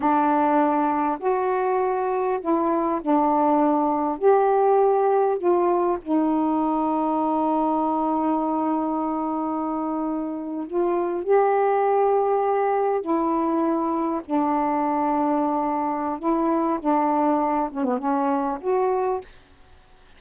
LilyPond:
\new Staff \with { instrumentName = "saxophone" } { \time 4/4 \tempo 4 = 100 d'2 fis'2 | e'4 d'2 g'4~ | g'4 f'4 dis'2~ | dis'1~ |
dis'4.~ dis'16 f'4 g'4~ g'16~ | g'4.~ g'16 e'2 d'16~ | d'2. e'4 | d'4. cis'16 b16 cis'4 fis'4 | }